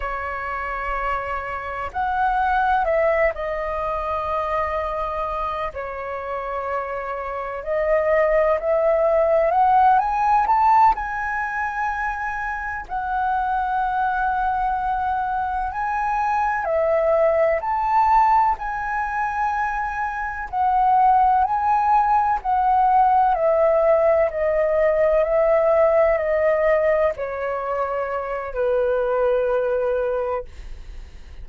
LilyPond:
\new Staff \with { instrumentName = "flute" } { \time 4/4 \tempo 4 = 63 cis''2 fis''4 e''8 dis''8~ | dis''2 cis''2 | dis''4 e''4 fis''8 gis''8 a''8 gis''8~ | gis''4. fis''2~ fis''8~ |
fis''8 gis''4 e''4 a''4 gis''8~ | gis''4. fis''4 gis''4 fis''8~ | fis''8 e''4 dis''4 e''4 dis''8~ | dis''8 cis''4. b'2 | }